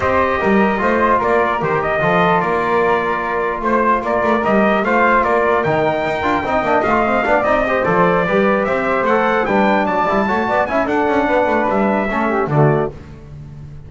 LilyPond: <<
  \new Staff \with { instrumentName = "trumpet" } { \time 4/4 \tempo 4 = 149 dis''2. d''4 | c''8 dis''4. d''2~ | d''4 c''4 d''4 dis''4 | f''4 d''4 g''2~ |
g''4 f''4. dis''4 d''8~ | d''4. e''4 fis''4 g''8~ | g''8 a''2 gis''8 fis''4~ | fis''4 e''2 d''4 | }
  \new Staff \with { instrumentName = "flute" } { \time 4/4 c''4 ais'4 c''4 ais'4~ | ais'4 a'4 ais'2~ | ais'4 c''4 ais'2 | c''4 ais'2. |
dis''2 d''4 c''4~ | c''8 b'4 c''2 b'8~ | b'8 d''4 cis''8 d''8 e''8 a'4 | b'2 a'8 g'8 fis'4 | }
  \new Staff \with { instrumentName = "trombone" } { \time 4/4 g'2 f'2 | g'4 f'2.~ | f'2. g'4 | f'2 dis'4. f'8 |
dis'8 d'8 f'8 c'8 d'8 dis'8 g'8 a'8~ | a'8 g'2 a'4 d'8~ | d'4 e'8 fis'4 e'8 d'4~ | d'2 cis'4 a4 | }
  \new Staff \with { instrumentName = "double bass" } { \time 4/4 c'4 g4 a4 ais4 | dis4 f4 ais2~ | ais4 a4 ais8 a8 g4 | a4 ais4 dis4 dis'8 d'8 |
c'8 ais8 a4 b8 c'4 f8~ | f8 g4 c'4 a4 g8~ | g8 fis8 g8 a8 b8 cis'8 d'8 cis'8 | b8 a8 g4 a4 d4 | }
>>